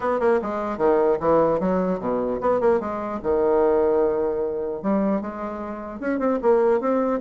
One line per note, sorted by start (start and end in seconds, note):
0.00 0.19 B3
0.20 0.40 A#3
0.41 0.77 G#3
0.77 1.17 D#3
1.19 1.59 E3
1.59 1.99 F#3
1.99 2.39 B2
2.40 2.60 B3
2.60 2.79 A#3
2.79 3.19 G#3
3.22 4.82 D#3
4.82 5.21 G3
5.21 5.99 G#3
5.99 6.19 C#4
6.19 6.39 C4
6.41 6.80 A#3
6.80 7.20 C4